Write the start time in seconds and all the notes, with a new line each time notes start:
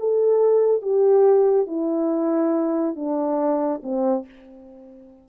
0.00 A4
0.82 G4
1.67 E4
2.96 D4
3.83 C4